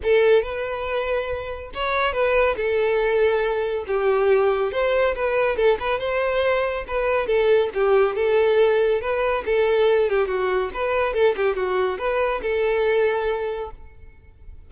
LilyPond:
\new Staff \with { instrumentName = "violin" } { \time 4/4 \tempo 4 = 140 a'4 b'2. | cis''4 b'4 a'2~ | a'4 g'2 c''4 | b'4 a'8 b'8 c''2 |
b'4 a'4 g'4 a'4~ | a'4 b'4 a'4. g'8 | fis'4 b'4 a'8 g'8 fis'4 | b'4 a'2. | }